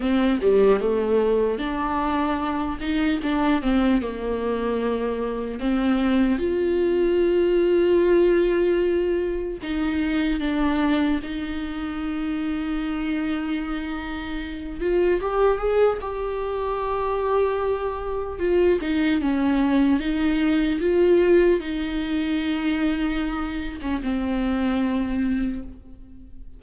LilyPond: \new Staff \with { instrumentName = "viola" } { \time 4/4 \tempo 4 = 75 c'8 g8 a4 d'4. dis'8 | d'8 c'8 ais2 c'4 | f'1 | dis'4 d'4 dis'2~ |
dis'2~ dis'8 f'8 g'8 gis'8 | g'2. f'8 dis'8 | cis'4 dis'4 f'4 dis'4~ | dis'4.~ dis'16 cis'16 c'2 | }